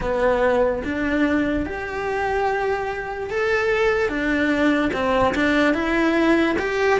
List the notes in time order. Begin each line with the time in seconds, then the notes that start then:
0.00 B3
0.84 D4
1.66 G4
3.30 A4
4.08 D4
4.93 C4
5.34 D4
5.73 E4
6.58 G4